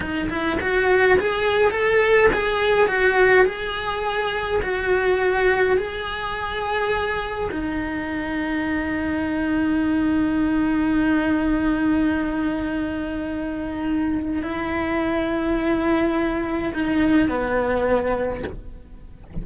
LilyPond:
\new Staff \with { instrumentName = "cello" } { \time 4/4 \tempo 4 = 104 dis'8 e'8 fis'4 gis'4 a'4 | gis'4 fis'4 gis'2 | fis'2 gis'2~ | gis'4 dis'2.~ |
dis'1~ | dis'1~ | dis'4 e'2.~ | e'4 dis'4 b2 | }